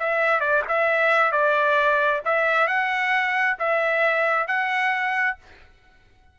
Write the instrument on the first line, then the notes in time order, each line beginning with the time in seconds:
trumpet
0.00 E5
0.41 D5
0.69 E5
1.32 D5
2.26 E5
2.68 F#5
3.60 E5
4.48 F#5